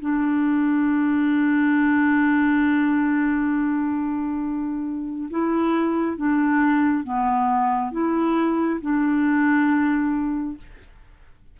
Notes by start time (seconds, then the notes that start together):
0.00 D4
5.31 E4
6.17 D4
7.03 B3
7.92 E4
8.81 D4